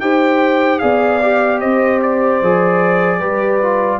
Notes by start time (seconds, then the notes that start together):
0.00 D#4 G4 C5 G5
0.79 B3 G#4 D5 F5
1.23 G4
1.60 C4 C5 D#5
2.02 D5
2.42 F3 G#4
3.19 G3 G4 B4
3.62 F4